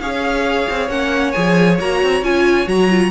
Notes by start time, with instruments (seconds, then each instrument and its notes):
0.00 cello C#4, viola G#4, violin C#5 F5
0.69 cello C4
0.89 cello A#3, viola C#4, violin F#5
1.32 cello F3, viola G#4, violin G#5
1.80 cello A#3, viola F#4, violin A#5
2.02 cello C4
2.21 cello C#4, viola F4, violin G#5
2.66 cello F#3, viola F#4, violin A#5
2.90 viola F4